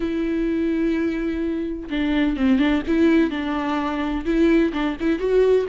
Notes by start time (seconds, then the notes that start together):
0.00 E4
1.89 D4
2.36 C4
2.59 D4
2.87 E4
3.30 D4
4.25 E4
4.73 D4
5.00 E4
5.19 F#4